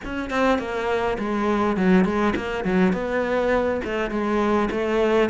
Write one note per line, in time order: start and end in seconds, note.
0.05 0.29 C#4
0.29 0.59 C4
0.59 1.17 A#3
1.18 1.76 G#3
1.76 2.04 F#3
2.04 2.34 G#3
2.36 2.64 A#3
2.64 2.92 F#3
2.92 3.80 B3
3.84 4.10 A3
4.10 4.69 G#3
4.71 5.29 A3